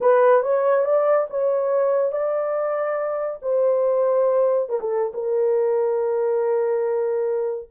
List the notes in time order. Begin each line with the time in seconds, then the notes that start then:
0.00 B4
0.42 C#5
0.84 D5
1.29 C#5
2.12 D5
3.42 C5
4.69 A#4
4.80 A4
5.14 A#4